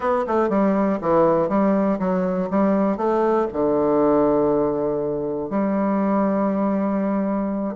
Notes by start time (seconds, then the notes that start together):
0.00 B3
0.27 A3
0.49 G3
1.01 E3
1.48 G3
1.99 F#3
2.50 G3
2.97 A3
3.52 D3
5.50 G3